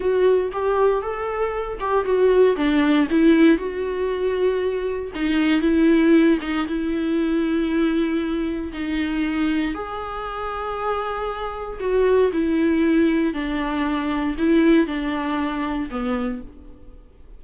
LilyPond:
\new Staff \with { instrumentName = "viola" } { \time 4/4 \tempo 4 = 117 fis'4 g'4 a'4. g'8 | fis'4 d'4 e'4 fis'4~ | fis'2 dis'4 e'4~ | e'8 dis'8 e'2.~ |
e'4 dis'2 gis'4~ | gis'2. fis'4 | e'2 d'2 | e'4 d'2 b4 | }